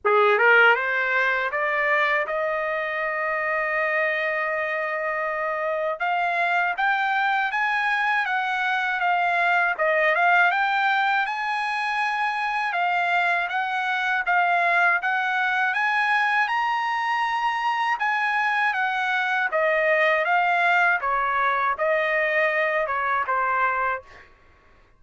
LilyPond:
\new Staff \with { instrumentName = "trumpet" } { \time 4/4 \tempo 4 = 80 gis'8 ais'8 c''4 d''4 dis''4~ | dis''1 | f''4 g''4 gis''4 fis''4 | f''4 dis''8 f''8 g''4 gis''4~ |
gis''4 f''4 fis''4 f''4 | fis''4 gis''4 ais''2 | gis''4 fis''4 dis''4 f''4 | cis''4 dis''4. cis''8 c''4 | }